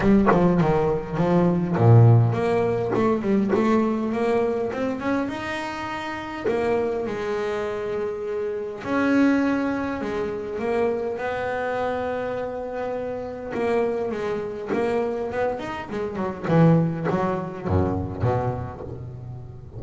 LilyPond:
\new Staff \with { instrumentName = "double bass" } { \time 4/4 \tempo 4 = 102 g8 f8 dis4 f4 ais,4 | ais4 a8 g8 a4 ais4 | c'8 cis'8 dis'2 ais4 | gis2. cis'4~ |
cis'4 gis4 ais4 b4~ | b2. ais4 | gis4 ais4 b8 dis'8 gis8 fis8 | e4 fis4 fis,4 b,4 | }